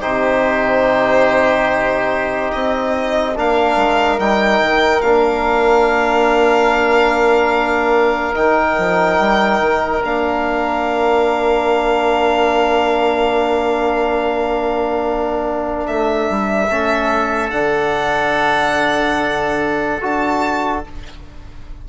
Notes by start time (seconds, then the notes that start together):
0.00 C3 D#4 G4 C5
2.52 C4 D#5
3.36 A#3 D4 A#4 F5
3.76 G#3
4.18 G3 D#4 G5
4.62 D#3
5.01 A#3 D4 F5
8.34 D#3 D#4 G5
8.78 F3
9.19 G3
9.60 D#3
10.01 A#3 D4 F5
15.86 A3 E5
16.29 G3
16.69 A3 C#4 A4
17.50 D3 D4 F#5
20.01 D4 F#4 A5